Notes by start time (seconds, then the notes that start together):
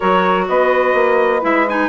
0.00 F#3 F#4 A#4 C#5
0.48 B3 B4 D#5
0.94 A#3
1.41 G#3 E4 E5
1.68 D#4 G#5